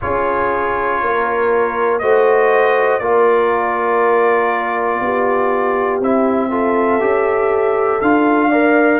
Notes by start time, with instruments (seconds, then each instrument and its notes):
0.01 tuba C#4, trombone F4, horn G#4, trumpet C#5
1.02 tuba A#3, horn A#4
1.99 tuba A3, trombone F#4, horn C5, trumpet D#5
2.98 tuba A#3, trombone F4, horn A#4, trumpet D5
5.00 tuba B3, horn G4
6.00 tuba C4, trombone E4, trumpet E5
6.50 trombone F4, horn A4
7.00 tuba C#4, trombone G4
8.01 tuba D4, trombone F4, trumpet F5
8.49 trombone A#4, horn D5